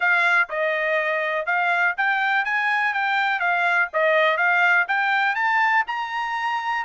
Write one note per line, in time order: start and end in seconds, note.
0.00 0.49 F5
0.49 1.45 D#5
1.45 1.94 F5
1.97 2.44 G5
2.44 2.93 G#5
2.93 3.39 G5
3.39 3.88 F5
3.93 4.37 D#5
4.37 4.85 F5
4.88 5.35 G5
5.35 5.84 A5
5.87 6.84 A#5